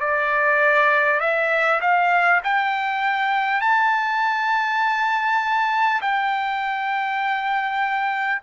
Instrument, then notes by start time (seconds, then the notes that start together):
trumpet
0.00 D5
1.20 E5
1.81 F5
2.43 G5
3.61 A5
6.01 G5